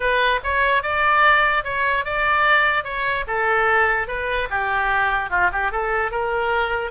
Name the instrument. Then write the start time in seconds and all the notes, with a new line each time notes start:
oboe
0.00 B4
0.43 C#5
0.82 D5
1.63 C#5
2.04 D5
2.84 C#5
3.27 A4
4.07 B4
4.49 G4
5.29 F4
5.52 G4
5.71 A4
6.11 A#4